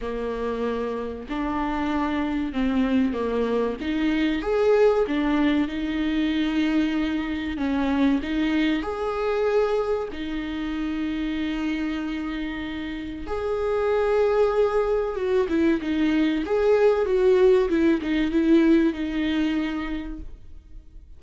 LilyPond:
\new Staff \with { instrumentName = "viola" } { \time 4/4 \tempo 4 = 95 ais2 d'2 | c'4 ais4 dis'4 gis'4 | d'4 dis'2. | cis'4 dis'4 gis'2 |
dis'1~ | dis'4 gis'2. | fis'8 e'8 dis'4 gis'4 fis'4 | e'8 dis'8 e'4 dis'2 | }